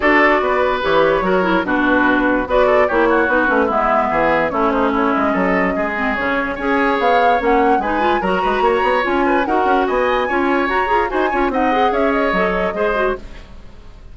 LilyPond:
<<
  \new Staff \with { instrumentName = "flute" } { \time 4/4 \tempo 4 = 146 d''2 cis''2 | b'2 d''4 cis''4 | b'4 e''2 cis''8 c''8 | cis''8 dis''2~ dis''8 cis''4 |
gis''4 f''4 fis''4 gis''4 | ais''2 gis''4 fis''4 | gis''2 ais''4 gis''4 | fis''4 e''8 dis''2~ dis''8 | }
  \new Staff \with { instrumentName = "oboe" } { \time 4/4 a'4 b'2 ais'4 | fis'2 b'8 a'8 g'8 fis'8~ | fis'4 e'4 gis'4 e'8 dis'8 | e'4 a'4 gis'2 |
cis''2. b'4 | ais'8 b'8 cis''4. b'8 ais'4 | dis''4 cis''2 c''8 cis''8 | dis''4 cis''2 c''4 | }
  \new Staff \with { instrumentName = "clarinet" } { \time 4/4 fis'2 g'4 fis'8 e'8 | d'2 fis'4 e'4 | dis'8 cis'8 b2 cis'4~ | cis'2~ cis'8 c'8 cis'4 |
gis'2 cis'4 dis'8 f'8 | fis'2 f'4 fis'4~ | fis'4 f'4 fis'8 gis'8 fis'8 f'8 | dis'8 gis'4. a'4 gis'8 fis'8 | }
  \new Staff \with { instrumentName = "bassoon" } { \time 4/4 d'4 b4 e4 fis4 | b,2 b4 ais4 | b8 a8 gis4 e4 a4~ | a8 gis8 fis4 gis4 cis4 |
cis'4 b4 ais4 gis4 | fis8 gis8 ais8 b8 cis'4 dis'8 cis'8 | b4 cis'4 fis'8 f'8 dis'8 cis'8 | c'4 cis'4 fis4 gis4 | }
>>